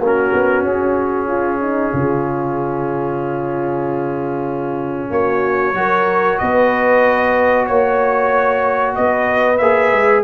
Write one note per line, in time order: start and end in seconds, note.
0.00 0.32 A#3
0.00 5.75 C#4
0.00 1.28 F#4
0.07 0.66 A#4
0.34 0.63 B3
0.63 1.91 C#4
0.63 5.12 G#4
1.28 1.59 F4
1.61 1.92 D#4
1.92 5.11 C#3
1.92 5.12 F4
5.11 5.73 A#3
5.11 5.76 F#4
5.11 6.39 C#5
5.73 6.37 F#3
5.73 9.58 F#4
5.73 6.41 A#4
6.39 7.69 B3
6.39 7.67 B4
6.39 7.67 D#5
7.67 8.97 A#3
7.67 8.94 C#5
7.67 8.95 C#5
8.96 9.61 B3
8.96 10.24 B4
8.96 9.58 D#5
9.58 9.92 A#3
9.58 10.24 G#4
9.58 10.22 E5
9.92 10.24 G#3